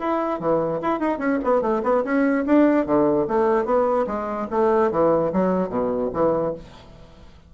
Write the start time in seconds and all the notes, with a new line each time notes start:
0.00 E4
0.40 E3
0.82 E4
1.00 D#4
1.19 C#4
1.45 B3
1.62 A3
1.84 B3
2.04 C#4
2.46 D4
2.87 D3
3.28 A3
3.65 B3
4.07 G#3
4.51 A3
4.92 E3
5.33 F#3
5.70 B2
6.14 E3